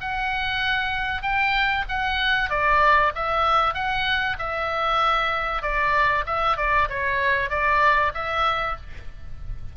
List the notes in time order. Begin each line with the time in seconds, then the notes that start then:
0.00 F#5
1.22 G5
1.88 F#5
2.49 D5
3.14 E5
3.74 F#5
4.38 E5
5.62 D5
6.26 E5
6.57 D5
6.89 C#5
7.49 D5
8.14 E5